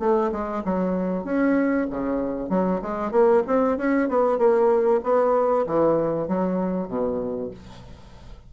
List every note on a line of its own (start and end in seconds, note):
0.00 0.31 A3
0.32 0.63 G#3
0.65 1.24 F#3
1.24 1.87 C#4
1.90 2.50 C#3
2.50 2.81 F#3
2.82 3.12 G#3
3.12 3.43 A#3
3.47 3.78 C4
3.78 4.09 C#4
4.09 4.39 B3
4.39 5.01 A#3
5.04 5.66 B3
5.67 6.28 E3
6.28 6.88 F#3
6.88 7.51 B2